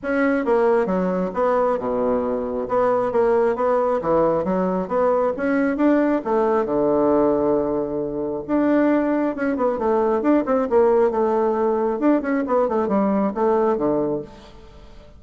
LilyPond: \new Staff \with { instrumentName = "bassoon" } { \time 4/4 \tempo 4 = 135 cis'4 ais4 fis4 b4 | b,2 b4 ais4 | b4 e4 fis4 b4 | cis'4 d'4 a4 d4~ |
d2. d'4~ | d'4 cis'8 b8 a4 d'8 c'8 | ais4 a2 d'8 cis'8 | b8 a8 g4 a4 d4 | }